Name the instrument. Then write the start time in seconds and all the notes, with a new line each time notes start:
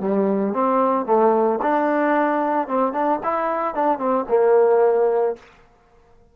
trombone
0.00 G3
0.54 C4
1.06 A3
1.62 D4
2.68 C4
2.93 D4
3.24 E4
3.75 D4
3.99 C4
4.29 A#3